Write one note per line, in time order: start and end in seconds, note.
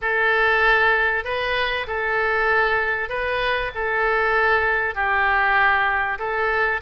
0.01 1.24 A4
1.24 1.86 B4
1.87 3.09 A4
3.09 3.71 B4
3.74 4.94 A4
4.94 6.18 G4
6.19 6.80 A4